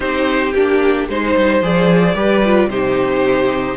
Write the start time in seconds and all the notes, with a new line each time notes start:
0.00 C4 D#4 G4 C5
0.54 A#3 D4 G4
1.08 G#3 D#4 C5
1.37 G3
1.61 F3 G#4 D5
2.14 G3 G4 B4
2.45 F4
2.67 C3 D#4 G4 C5